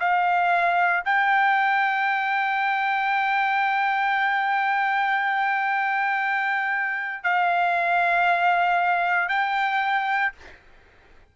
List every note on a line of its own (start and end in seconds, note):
0.00 1.03 F5
1.05 7.24 G5
7.24 9.29 F5
9.29 10.32 G5